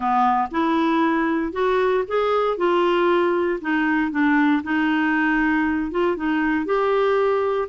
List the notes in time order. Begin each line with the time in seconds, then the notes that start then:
0.00 B3
0.51 E4
1.52 F#4
2.07 G#4
2.57 F4
3.61 D#4
4.11 D4
4.63 D#4
5.91 F4
6.16 D#4
6.65 G4